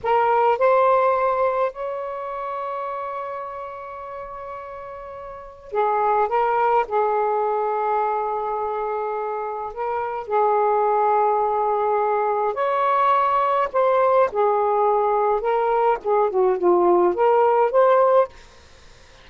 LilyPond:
\new Staff \with { instrumentName = "saxophone" } { \time 4/4 \tempo 4 = 105 ais'4 c''2 cis''4~ | cis''1~ | cis''2 gis'4 ais'4 | gis'1~ |
gis'4 ais'4 gis'2~ | gis'2 cis''2 | c''4 gis'2 ais'4 | gis'8 fis'8 f'4 ais'4 c''4 | }